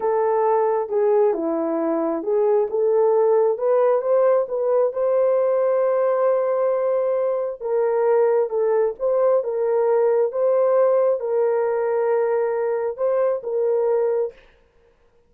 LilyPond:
\new Staff \with { instrumentName = "horn" } { \time 4/4 \tempo 4 = 134 a'2 gis'4 e'4~ | e'4 gis'4 a'2 | b'4 c''4 b'4 c''4~ | c''1~ |
c''4 ais'2 a'4 | c''4 ais'2 c''4~ | c''4 ais'2.~ | ais'4 c''4 ais'2 | }